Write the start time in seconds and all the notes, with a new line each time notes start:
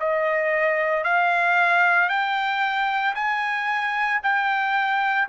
0.00 D#5
1.04 F5
2.10 G5
3.15 G#5
4.23 G5